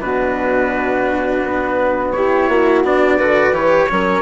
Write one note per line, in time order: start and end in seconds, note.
0.00 1.42 B2
0.00 2.12 D4
0.00 2.14 F#4
0.00 2.11 B4
1.44 2.48 B3
2.11 2.84 E4
2.11 2.48 G4
2.11 2.82 C#5
2.48 2.83 A#3
2.48 3.17 F#4
2.83 3.18 B3
2.83 3.19 D4
2.83 3.54 D5
3.17 3.51 D3
3.17 3.53 F#4
3.17 3.88 B4
3.51 3.86 E3
3.51 3.89 G4
3.51 4.22 C#5
3.89 4.22 F#3
3.89 4.22 C#4
3.89 4.22 A#4